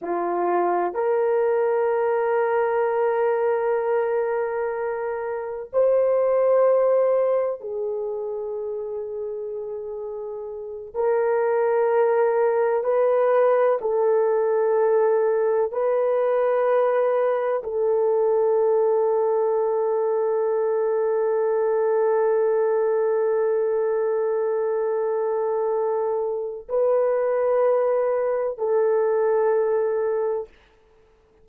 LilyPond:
\new Staff \with { instrumentName = "horn" } { \time 4/4 \tempo 4 = 63 f'4 ais'2.~ | ais'2 c''2 | gis'2.~ gis'8 ais'8~ | ais'4. b'4 a'4.~ |
a'8 b'2 a'4.~ | a'1~ | a'1 | b'2 a'2 | }